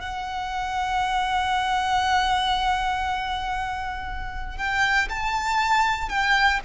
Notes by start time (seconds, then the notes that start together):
0.00 F#5
4.57 G5
5.09 A5
6.08 G5